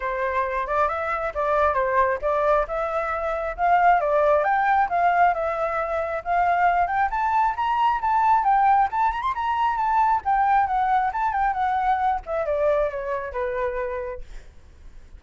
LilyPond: \new Staff \with { instrumentName = "flute" } { \time 4/4 \tempo 4 = 135 c''4. d''8 e''4 d''4 | c''4 d''4 e''2 | f''4 d''4 g''4 f''4 | e''2 f''4. g''8 |
a''4 ais''4 a''4 g''4 | a''8 ais''16 c'''16 ais''4 a''4 g''4 | fis''4 a''8 g''8 fis''4. e''8 | d''4 cis''4 b'2 | }